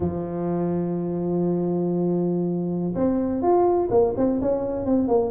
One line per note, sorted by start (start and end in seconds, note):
0.00 2.94 F3
2.94 3.41 C4
3.41 3.89 F4
3.90 4.14 A#3
4.16 4.40 C4
4.41 4.85 C#4
4.85 5.07 C4
5.07 5.31 A#3